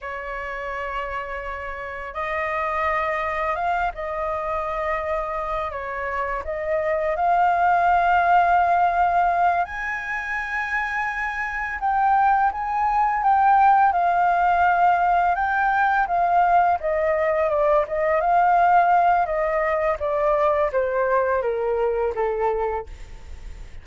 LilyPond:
\new Staff \with { instrumentName = "flute" } { \time 4/4 \tempo 4 = 84 cis''2. dis''4~ | dis''4 f''8 dis''2~ dis''8 | cis''4 dis''4 f''2~ | f''4. gis''2~ gis''8~ |
gis''8 g''4 gis''4 g''4 f''8~ | f''4. g''4 f''4 dis''8~ | dis''8 d''8 dis''8 f''4. dis''4 | d''4 c''4 ais'4 a'4 | }